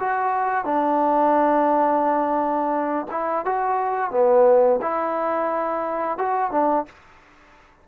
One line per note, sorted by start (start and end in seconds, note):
0.00 0.65 F#4
0.65 3.06 D4
3.11 3.45 E4
3.45 4.11 F#4
4.11 4.80 B3
4.82 6.18 E4
6.18 6.51 F#4
6.51 6.86 D4